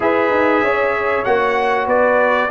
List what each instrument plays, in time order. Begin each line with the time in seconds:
0.00 tuba E4, trombone G#4, horn B4, trumpet E5
0.30 tuba D#4
0.61 tuba C#4, horn C#5
1.24 tuba A#3, trombone F#4, trumpet F#5
1.86 tuba B3, horn B4, trumpet D5